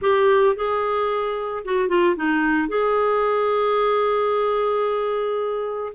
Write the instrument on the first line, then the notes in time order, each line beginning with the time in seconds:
clarinet
0.01 G4
0.55 G#4
1.65 F#4
1.88 F4
2.16 D#4
2.68 G#4